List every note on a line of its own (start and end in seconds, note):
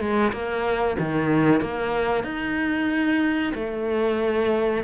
0.00 0.32 G#3
0.33 0.97 A#3
0.99 1.61 D#3
1.61 2.24 A#3
2.24 3.53 D#4
3.55 4.84 A3